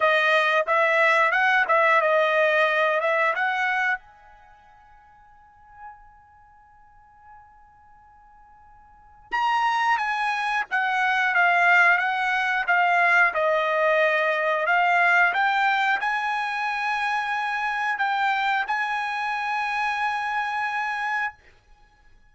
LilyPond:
\new Staff \with { instrumentName = "trumpet" } { \time 4/4 \tempo 4 = 90 dis''4 e''4 fis''8 e''8 dis''4~ | dis''8 e''8 fis''4 gis''2~ | gis''1~ | gis''2 ais''4 gis''4 |
fis''4 f''4 fis''4 f''4 | dis''2 f''4 g''4 | gis''2. g''4 | gis''1 | }